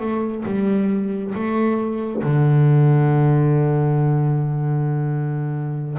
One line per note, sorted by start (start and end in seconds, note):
0.00 0.44 A3
0.46 1.34 G3
1.34 2.23 A3
2.23 5.98 D3